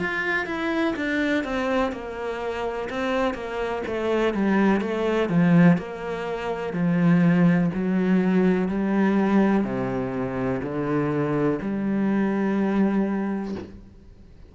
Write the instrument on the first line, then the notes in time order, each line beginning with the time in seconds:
cello
0.00 F4
0.47 E4
0.96 D4
1.44 C4
1.92 A#3
2.90 C4
3.34 A#3
3.87 A3
4.34 G3
4.81 A3
5.30 F3
5.78 A#3
6.73 F3
7.74 F#3
8.69 G3
9.64 C3
10.63 D3
11.62 G3